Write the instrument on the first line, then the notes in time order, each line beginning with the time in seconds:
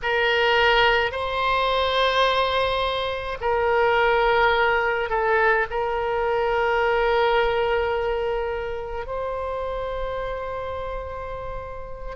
oboe
0.02 A#4
1.11 C5
3.40 A#4
5.09 A4
5.70 A#4
9.06 C5